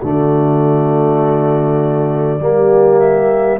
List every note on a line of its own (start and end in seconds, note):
0.00 2.40 D3
0.00 2.40 A3
0.00 2.40 F#4
0.00 2.99 D5
2.40 3.60 G3
2.40 3.60 A#3
2.40 3.60 G4
2.99 3.59 E5